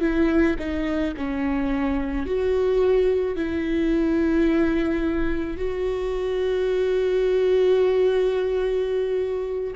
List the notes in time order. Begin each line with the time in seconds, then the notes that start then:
0.00 E4
0.58 D#4
1.17 C#4
2.26 F#4
3.36 E4
5.57 F#4